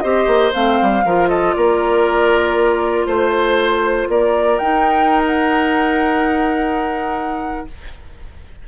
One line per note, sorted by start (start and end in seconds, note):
0.00 0.26 C4
0.00 0.52 G4
0.00 1.05 C5
0.00 0.51 D#5
0.26 0.52 A#3
0.52 0.81 A3
0.52 1.03 C4
0.52 1.28 F5
0.81 1.04 G3
1.04 1.55 F3
1.04 4.62 F4
1.04 1.29 A#4
1.28 1.54 A4
1.28 1.54 D#5
1.54 3.06 A#3
1.54 3.06 A#4
1.54 3.06 D5
3.06 4.08 A3
3.06 4.08 C5
3.06 4.09 C5
4.08 4.59 A#3
4.08 7.66 A#4
4.08 4.58 D5
4.58 7.65 D#4
4.58 7.67 D#4
4.58 5.22 G5
5.26 7.68 F#5